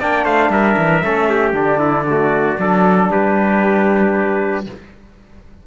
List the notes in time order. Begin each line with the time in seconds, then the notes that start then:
0.00 A#3 D4 D5 G5
0.24 A3 C5 F5
0.50 G3 A#4 E5
0.78 E3
1.03 A3 C#4 A4
1.29 G4
1.53 D3 D4 D5
1.79 E4
2.10 A3 F#4
2.59 F#3 D4 A4
3.11 G3 G4 B4